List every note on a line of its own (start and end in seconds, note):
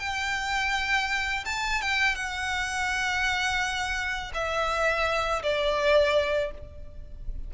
0.00 1.45 G5
1.46 1.82 A5
1.82 2.15 G5
2.15 4.32 F#5
4.34 5.42 E5
5.43 6.51 D5